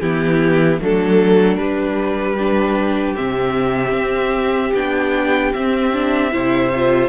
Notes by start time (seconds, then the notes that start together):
0.00 E3 B3 E4 G4
0.81 F#3 A3 D4 A4
1.56 G3 B4
2.36 D4 G4
3.16 C3 C4 E5
3.93 C4
4.74 B3 D4 G5
5.53 C4 E5
5.93 D4
6.31 C3 E4 C5
6.75 F4